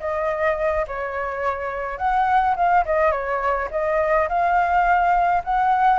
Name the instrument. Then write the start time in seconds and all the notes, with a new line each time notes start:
flute
0.00 D#5
0.88 C#5
1.98 F#5
2.56 F5
2.85 D#5
3.12 C#5
3.71 D#5
4.29 F5
5.44 F#5